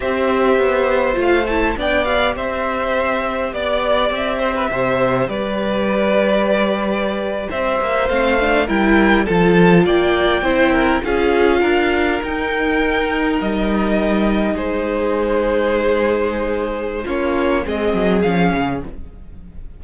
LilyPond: <<
  \new Staff \with { instrumentName = "violin" } { \time 4/4 \tempo 4 = 102 e''2 f''8 a''8 g''8 f''8 | e''2 d''4 e''4~ | e''4 d''2.~ | d''8. e''4 f''4 g''4 a''16~ |
a''8. g''2 f''4~ f''16~ | f''8. g''2 dis''4~ dis''16~ | dis''8. c''2.~ c''16~ | c''4 cis''4 dis''4 f''4 | }
  \new Staff \with { instrumentName = "violin" } { \time 4/4 c''2. d''4 | c''2 d''4. c''16 b'16 | c''4 b'2.~ | b'8. c''2 ais'4 a'16~ |
a'8. d''4 c''8 ais'8 gis'4 ais'16~ | ais'1~ | ais'8. gis'2.~ gis'16~ | gis'4 f'4 gis'2 | }
  \new Staff \with { instrumentName = "viola" } { \time 4/4 g'2 f'8 e'8 d'8 g'8~ | g'1~ | g'1~ | g'4.~ g'16 c'8 d'8 e'4 f'16~ |
f'4.~ f'16 e'4 f'4~ f'16~ | f'8. dis'2.~ dis'16~ | dis'1~ | dis'4 cis'4 c'4 cis'4 | }
  \new Staff \with { instrumentName = "cello" } { \time 4/4 c'4 b4 a4 b4 | c'2 b4 c'4 | c4 g2.~ | g8. c'8 ais8 a4 g4 f16~ |
f8. ais4 c'4 cis'4 d'16~ | d'8. dis'2 g4~ g16~ | g8. gis2.~ gis16~ | gis4 ais4 gis8 fis8 f8 cis8 | }
>>